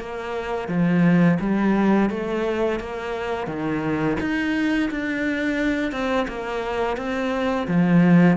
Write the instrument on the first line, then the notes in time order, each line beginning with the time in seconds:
cello
0.00 A#3
0.69 F3
1.40 G3
2.10 A3
2.80 A#3
3.48 D#3
4.21 D#4
4.91 D4
5.92 C4
6.28 A#3
6.98 C4
7.68 F3